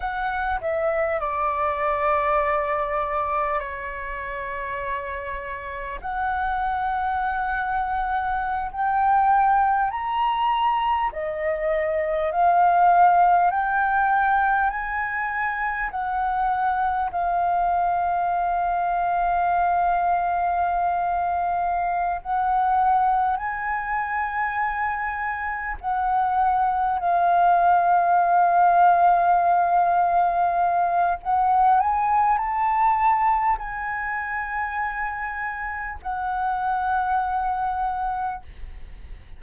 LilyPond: \new Staff \with { instrumentName = "flute" } { \time 4/4 \tempo 4 = 50 fis''8 e''8 d''2 cis''4~ | cis''4 fis''2~ fis''16 g''8.~ | g''16 ais''4 dis''4 f''4 g''8.~ | g''16 gis''4 fis''4 f''4.~ f''16~ |
f''2~ f''8 fis''4 gis''8~ | gis''4. fis''4 f''4.~ | f''2 fis''8 gis''8 a''4 | gis''2 fis''2 | }